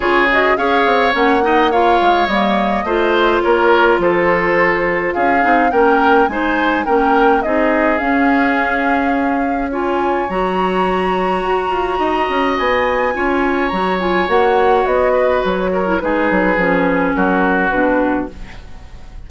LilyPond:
<<
  \new Staff \with { instrumentName = "flute" } { \time 4/4 \tempo 4 = 105 cis''8 dis''8 f''4 fis''4 f''4 | dis''2 cis''4 c''4~ | c''4 f''4 g''4 gis''4 | g''4 dis''4 f''2~ |
f''4 gis''4 ais''2~ | ais''2 gis''2 | ais''8 gis''8 fis''4 dis''4 cis''4 | b'2 ais'4 b'4 | }
  \new Staff \with { instrumentName = "oboe" } { \time 4/4 gis'4 cis''4. dis''8 cis''4~ | cis''4 c''4 ais'4 a'4~ | a'4 gis'4 ais'4 c''4 | ais'4 gis'2.~ |
gis'4 cis''2.~ | cis''4 dis''2 cis''4~ | cis''2~ cis''8 b'4 ais'8 | gis'2 fis'2 | }
  \new Staff \with { instrumentName = "clarinet" } { \time 4/4 f'8 fis'8 gis'4 cis'8 dis'8 f'4 | ais4 f'2.~ | f'4. dis'8 cis'4 dis'4 | cis'4 dis'4 cis'2~ |
cis'4 f'4 fis'2~ | fis'2. f'4 | fis'8 f'8 fis'2~ fis'8. e'16 | dis'4 cis'2 d'4 | }
  \new Staff \with { instrumentName = "bassoon" } { \time 4/4 cis4 cis'8 c'8 ais4. gis8 | g4 a4 ais4 f4~ | f4 cis'8 c'8 ais4 gis4 | ais4 c'4 cis'2~ |
cis'2 fis2 | fis'8 f'8 dis'8 cis'8 b4 cis'4 | fis4 ais4 b4 fis4 | gis8 fis8 f4 fis4 b,4 | }
>>